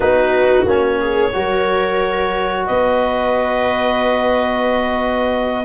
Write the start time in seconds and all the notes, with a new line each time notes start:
0.00 B3 D#4 F#4 B4
0.65 A#3 C#4 C#5
1.00 G#4
1.32 F#3 F#4 A#4
2.66 B3 B4 D#5